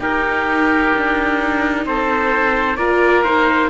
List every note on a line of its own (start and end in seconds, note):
0.00 0.92 D#4
0.00 2.77 D#4
0.00 1.85 G4
0.00 1.86 A#4
0.96 1.86 D4
1.86 2.77 C4
1.86 2.78 A4
1.86 2.77 C5
2.77 3.70 A#3
2.77 3.25 F4
2.77 3.70 A#4
2.77 3.23 D5
3.24 3.70 D#4
3.24 3.70 C5